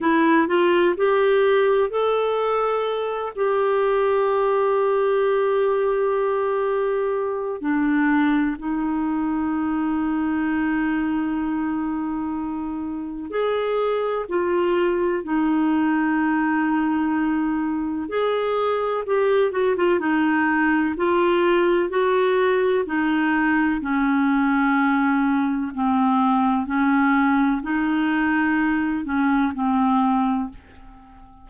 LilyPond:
\new Staff \with { instrumentName = "clarinet" } { \time 4/4 \tempo 4 = 63 e'8 f'8 g'4 a'4. g'8~ | g'1 | d'4 dis'2.~ | dis'2 gis'4 f'4 |
dis'2. gis'4 | g'8 fis'16 f'16 dis'4 f'4 fis'4 | dis'4 cis'2 c'4 | cis'4 dis'4. cis'8 c'4 | }